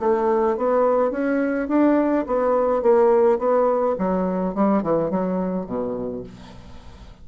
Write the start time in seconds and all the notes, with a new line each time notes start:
0.00 A3
0.57 B3
1.11 C#4
1.69 D4
2.27 B3
2.83 A#3
3.39 B3
3.99 F#3
4.55 G3
4.83 E3
5.10 F#3
5.66 B2